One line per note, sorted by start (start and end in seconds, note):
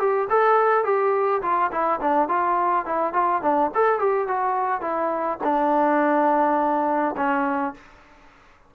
0.00 0.29 G4
0.30 0.85 A4
0.85 1.42 G4
1.43 1.71 F4
1.72 2.01 E4
2.01 2.29 D4
2.29 2.86 F4
2.86 3.14 E4
3.14 3.42 F4
3.43 3.71 D4
3.75 4.00 A4
4.00 4.28 G4
4.28 4.82 F#4
4.82 5.39 E4
5.44 7.16 D4
7.17 7.75 C#4